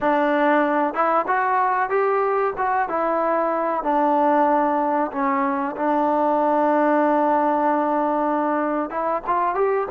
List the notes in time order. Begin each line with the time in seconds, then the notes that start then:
0.01 D4
0.93 E4
1.27 F#4
1.89 G4
2.57 F#4
2.89 E4
3.83 D4
5.12 C#4
5.76 D4
8.90 E4
9.26 F4
9.55 G4